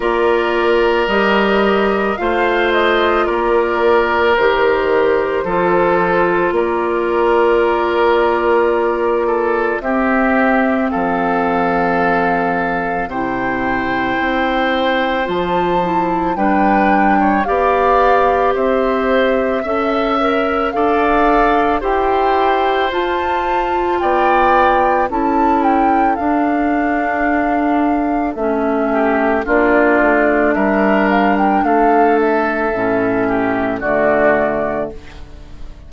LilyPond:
<<
  \new Staff \with { instrumentName = "flute" } { \time 4/4 \tempo 4 = 55 d''4 dis''4 f''8 dis''8 d''4 | c''2 d''2~ | d''4 e''4 f''2 | g''2 a''4 g''4 |
f''4 e''2 f''4 | g''4 a''4 g''4 a''8 g''8 | f''2 e''4 d''4 | e''8 f''16 g''16 f''8 e''4. d''4 | }
  \new Staff \with { instrumentName = "oboe" } { \time 4/4 ais'2 c''4 ais'4~ | ais'4 a'4 ais'2~ | ais'8 a'8 g'4 a'2 | c''2. b'8. cis''16 |
d''4 c''4 e''4 d''4 | c''2 d''4 a'4~ | a'2~ a'8 g'8 f'4 | ais'4 a'4. g'8 fis'4 | }
  \new Staff \with { instrumentName = "clarinet" } { \time 4/4 f'4 g'4 f'2 | g'4 f'2.~ | f'4 c'2. | e'2 f'8 e'8 d'4 |
g'2 a'8 ais'8 a'4 | g'4 f'2 e'4 | d'2 cis'4 d'4~ | d'2 cis'4 a4 | }
  \new Staff \with { instrumentName = "bassoon" } { \time 4/4 ais4 g4 a4 ais4 | dis4 f4 ais2~ | ais4 c'4 f2 | c4 c'4 f4 g4 |
b4 c'4 cis'4 d'4 | e'4 f'4 b4 cis'4 | d'2 a4 ais8 a8 | g4 a4 a,4 d4 | }
>>